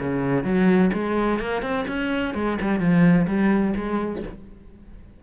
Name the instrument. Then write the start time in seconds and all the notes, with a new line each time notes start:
cello
0.00 C#3
0.44 F#3
0.93 G#3
1.40 A#3
1.62 C4
1.88 C#4
2.35 G#3
2.61 G3
2.80 F3
3.27 G3
3.76 G#3